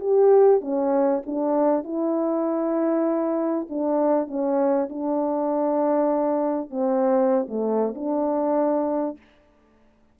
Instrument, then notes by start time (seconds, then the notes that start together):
horn
0.00 G4
0.61 C#4
1.26 D4
1.84 E4
3.69 D4
4.27 C#4
4.90 D4
6.70 C4
7.48 A3
7.95 D4